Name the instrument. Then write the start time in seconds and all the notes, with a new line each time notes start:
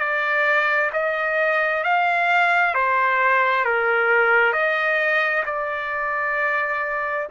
trumpet
0.00 D5
0.93 D#5
1.84 F5
2.75 C5
3.65 A#4
4.53 D#5
5.46 D5